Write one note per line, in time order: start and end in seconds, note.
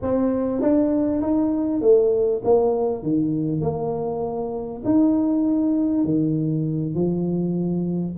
0.02 0.61 C4
0.61 1.21 D4
1.21 1.81 D#4
1.81 2.42 A3
2.44 3.02 A#3
3.02 3.61 D#3
3.61 4.82 A#3
4.84 6.04 D#4
6.04 6.94 D#3
6.94 8.15 F3